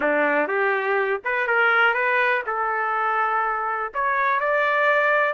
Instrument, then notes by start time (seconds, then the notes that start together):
trumpet
0.00 D4
0.47 G4
1.24 B4
1.47 A#4
1.94 B4
2.46 A4
3.94 C#5
4.40 D5